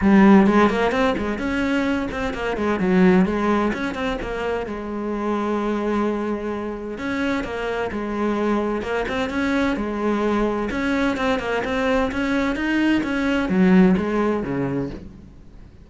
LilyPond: \new Staff \with { instrumentName = "cello" } { \time 4/4 \tempo 4 = 129 g4 gis8 ais8 c'8 gis8 cis'4~ | cis'8 c'8 ais8 gis8 fis4 gis4 | cis'8 c'8 ais4 gis2~ | gis2. cis'4 |
ais4 gis2 ais8 c'8 | cis'4 gis2 cis'4 | c'8 ais8 c'4 cis'4 dis'4 | cis'4 fis4 gis4 cis4 | }